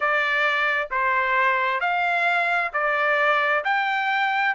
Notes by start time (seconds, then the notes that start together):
0.00 D5
0.90 C5
1.80 F5
2.73 D5
3.64 G5